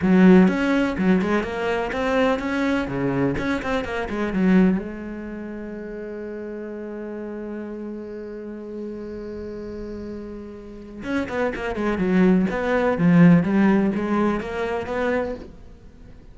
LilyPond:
\new Staff \with { instrumentName = "cello" } { \time 4/4 \tempo 4 = 125 fis4 cis'4 fis8 gis8 ais4 | c'4 cis'4 cis4 cis'8 c'8 | ais8 gis8 fis4 gis2~ | gis1~ |
gis1~ | gis2. cis'8 b8 | ais8 gis8 fis4 b4 f4 | g4 gis4 ais4 b4 | }